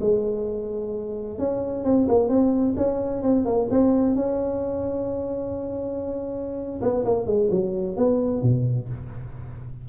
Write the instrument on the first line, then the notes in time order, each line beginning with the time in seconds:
tuba
0.00 G#3
1.38 C#4
1.84 C4
2.08 A#3
2.28 C4
2.76 C#4
3.22 C4
3.45 A#3
3.70 C4
4.15 C#4
6.81 B3
7.05 A#3
7.26 G#3
7.50 F#3
7.96 B3
8.42 B2